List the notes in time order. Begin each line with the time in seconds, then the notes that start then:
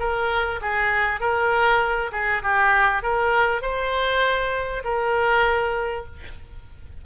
0.00 A#4
0.62 G#4
1.21 A#4
2.12 G#4
2.43 G4
3.03 A#4
3.62 C5
4.85 A#4